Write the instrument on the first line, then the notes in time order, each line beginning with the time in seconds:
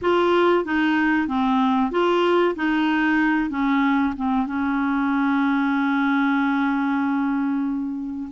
clarinet
0.01 F4
0.64 D#4
1.27 C4
1.91 F4
2.55 D#4
3.50 C#4
4.16 C4
4.46 C#4